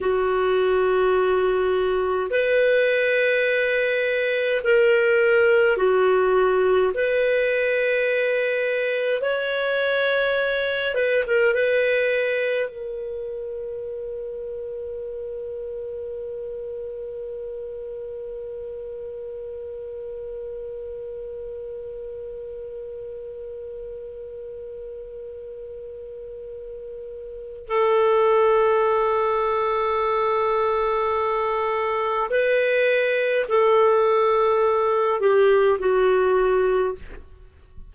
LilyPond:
\new Staff \with { instrumentName = "clarinet" } { \time 4/4 \tempo 4 = 52 fis'2 b'2 | ais'4 fis'4 b'2 | cis''4. b'16 ais'16 b'4 ais'4~ | ais'1~ |
ais'1~ | ais'1 | a'1 | b'4 a'4. g'8 fis'4 | }